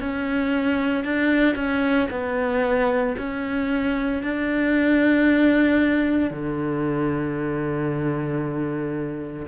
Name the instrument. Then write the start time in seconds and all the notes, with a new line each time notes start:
cello
0.00 C#4
1.04 D4
1.56 C#4
2.11 B3
3.18 C#4
4.23 D4
6.31 D3